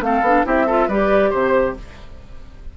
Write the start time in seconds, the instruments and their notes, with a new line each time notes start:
0.00 bassoon A3, clarinet C4, oboe A4, flute F5
0.21 bassoon B3, clarinet D4
0.45 bassoon C4, clarinet E4, oboe G4, flute E5
0.66 clarinet F4, oboe A4
0.87 bassoon G3, clarinet G4, oboe B4, flute D5
1.29 bassoon C3, oboe C5, flute C5